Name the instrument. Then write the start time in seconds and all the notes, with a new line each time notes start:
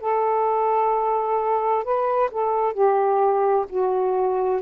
saxophone
0.00 A4
1.84 B4
2.31 A4
2.73 G4
3.69 F#4